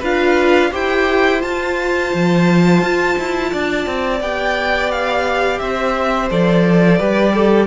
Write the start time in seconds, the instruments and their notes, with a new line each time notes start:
0.00 cello D4, viola F4, violin B4 F5
0.72 cello E4, viola G4, violin C5 G5
1.39 viola F4, cello F4, violin A5
2.14 cello F3
2.82 cello F4
3.19 cello E4
3.52 cello D4, violin D5
3.87 cello C4
4.21 cello B3, viola G4, violin G5
4.92 violin F5
5.59 cello C4, violin C5 E5
6.30 cello F3, viola A4, violin D5
6.98 cello G3, viola G4, violin B4
7.34 violin A4